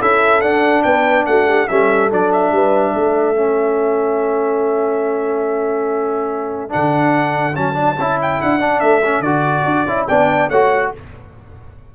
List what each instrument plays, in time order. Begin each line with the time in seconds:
0.00 tuba C#4, trombone E4, horn A4, trumpet E5
0.41 tuba D4, trombone D4, trumpet F#5
0.83 tuba B3, horn B4, trumpet G5
1.26 tuba A3, horn F#4, trumpet F#5
1.48 horn G4
1.68 tuba G3, trombone C#4, horn A4, trumpet E5
2.11 tuba F#3, trombone D4, trumpet D5
2.33 trumpet E5
2.52 tuba G3, horn B4
2.95 tuba A3, horn A4
3.35 trombone C#4
6.70 tuba D3, trombone D4, trumpet F#5
7.55 tuba F#3, trombone C#4, trumpet A5
7.74 trombone D4
7.98 tuba C#4, trombone E4
8.22 trumpet G5
8.42 tuba D4, trumpet F#5
8.60 trombone D4
8.80 tuba A3, trumpet E5
9.05 trombone C#4
9.20 tuba D3, trombone F#4, trumpet D5
9.65 tuba D4
9.87 tuba C#4, trombone E4
10.08 tuba B3, trombone D4, horn D5, trumpet G5
10.49 tuba A3, trombone F#4, horn C#5, trumpet F#5